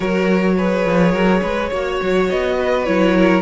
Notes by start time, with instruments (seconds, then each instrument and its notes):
0.00 cello F#3, viola F#4, violin A#4 C#5
0.57 viola G#4, violin B4
0.85 cello F3
1.11 cello F#3, violin A#4
1.42 cello G#3, violin B4
1.69 cello A#3, viola F#4, violin C#5
2.01 cello F#3
2.29 cello B3, violin D#5
2.59 violin B4
2.84 cello F#3, viola E4, violin C#5
3.16 violin A#4